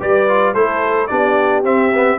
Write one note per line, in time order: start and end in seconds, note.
0.00 0.55 G3
0.00 0.28 G4
0.00 0.54 B4
0.00 0.54 D5
0.28 0.55 F4
0.54 1.10 A3
0.54 1.09 E4
0.54 1.09 A4
0.54 1.07 C5
1.07 1.64 B3
1.07 1.64 D4
1.07 2.19 G4
1.07 1.62 D5
1.64 2.19 C4
1.64 1.91 C4
1.64 2.19 E5
1.94 2.19 B3